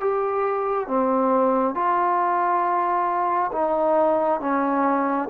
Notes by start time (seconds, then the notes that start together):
0.00 G4
0.87 C4
1.74 F4
3.52 D#4
4.40 C#4